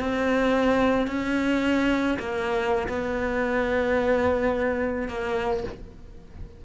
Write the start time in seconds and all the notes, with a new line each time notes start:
0.00 C4
1.08 C#4
2.20 A#3
2.89 B3
5.09 A#3